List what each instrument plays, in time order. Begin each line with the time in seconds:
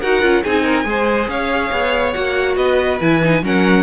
0.00 cello D#4, viola F#4, violin A#4 F#5
0.21 cello C#4, viola F4
0.43 cello C4, viola D#4, violin G#4 G#5
0.64 violin A#4
0.84 cello G#3, viola G#4, violin C5
1.28 cello C#4, violin C#5 F5
1.72 cello B3
2.13 cello A#3, viola F#4, violin F#5
2.56 cello B3, violin B4 D#5
3.00 cello E3, viola E4, violin G#5
3.23 viola D#4
3.42 cello F#3, viola C#4, violin A#4 F#5